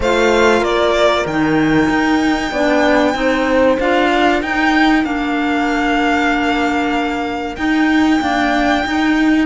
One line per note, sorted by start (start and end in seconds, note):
0.00 0.61 A3
0.00 1.29 F4
0.00 0.60 C5
0.00 0.63 F5
0.60 1.24 A#3
0.60 2.49 A#4
0.60 1.26 D5
1.25 1.88 D#3
1.25 2.55 D#4
1.25 3.79 G5
1.89 2.51 D#4
2.51 3.14 B3
2.51 3.14 D4
2.51 3.14 D5
3.14 3.77 C4
3.14 3.77 D#4
3.14 4.11 C5
3.79 4.42 D4
3.79 4.44 F4
3.79 4.42 F5
4.11 9.46 A#4
4.42 5.04 D#4
4.42 5.03 D#4
4.42 5.04 G5
5.03 7.57 A#3
5.03 7.55 D4
5.03 7.55 F5
7.55 8.19 D#4
7.55 8.20 D#4
7.55 9.45 G5
8.20 8.83 A#3
8.20 8.84 D4
8.84 9.46 D#4